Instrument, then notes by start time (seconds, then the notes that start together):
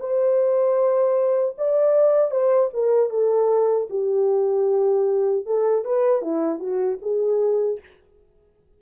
horn
0.00 C5
1.58 D5
2.31 C5
2.73 A#4
3.10 A4
3.90 G4
5.46 A4
5.85 B4
6.22 E4
6.60 F#4
7.02 G#4